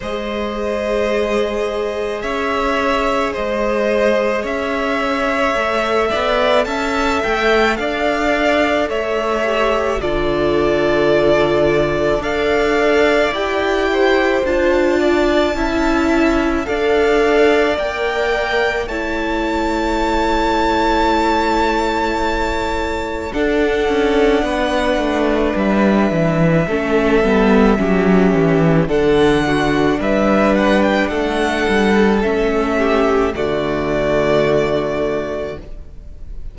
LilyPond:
<<
  \new Staff \with { instrumentName = "violin" } { \time 4/4 \tempo 4 = 54 dis''2 e''4 dis''4 | e''2 a''8 g''8 f''4 | e''4 d''2 f''4 | g''4 a''2 f''4 |
g''4 a''2.~ | a''4 fis''2 e''4~ | e''2 fis''4 e''8 fis''16 g''16 | fis''4 e''4 d''2 | }
  \new Staff \with { instrumentName = "violin" } { \time 4/4 c''2 cis''4 c''4 | cis''4. d''8 e''4 d''4 | cis''4 a'2 d''4~ | d''8 c''4 d''8 e''4 d''4~ |
d''4 cis''2.~ | cis''4 a'4 b'2 | a'4 g'4 a'8 fis'8 b'4 | a'4. g'8 fis'2 | }
  \new Staff \with { instrumentName = "viola" } { \time 4/4 gis'1~ | gis'4 a'2.~ | a'8 g'8 f'2 a'4 | g'4 f'4 e'4 a'4 |
ais'4 e'2.~ | e'4 d'2. | cis'8 b8 cis'4 d'2~ | d'4 cis'4 a2 | }
  \new Staff \with { instrumentName = "cello" } { \time 4/4 gis2 cis'4 gis4 | cis'4 a8 b8 cis'8 a8 d'4 | a4 d2 d'4 | e'4 d'4 cis'4 d'4 |
ais4 a2.~ | a4 d'8 cis'8 b8 a8 g8 e8 | a8 g8 fis8 e8 d4 g4 | a8 g8 a4 d2 | }
>>